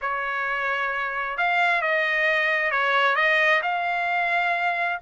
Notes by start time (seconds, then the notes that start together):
0.01 C#5
1.37 F5
1.81 D#5
2.71 C#5
3.15 D#5
3.62 F5